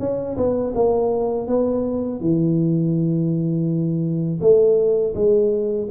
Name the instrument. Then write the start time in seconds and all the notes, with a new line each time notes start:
tuba
0.00 C#4
0.37 B3
0.75 A#3
1.47 B3
2.21 E3
4.41 A3
5.15 G#3